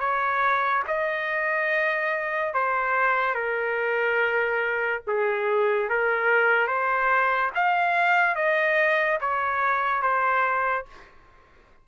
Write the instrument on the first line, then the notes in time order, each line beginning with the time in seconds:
trumpet
0.00 C#5
0.88 D#5
2.54 C5
3.35 A#4
5.07 G#4
5.90 A#4
6.67 C5
7.55 F5
8.36 D#5
9.21 C#5
10.03 C5